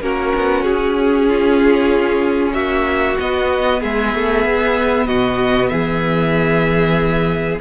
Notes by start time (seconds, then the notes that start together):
0.00 A#3 C#4 F#4 A#4
0.35 B3
0.62 C#4 G#4
1.28 F4
2.53 A#3 F#4 E5
3.18 B3 D#5
3.80 G#3 G#4 E5
4.14 A3
4.44 B3
5.07 B2 F#4 D#5
5.67 E3 G#4 E5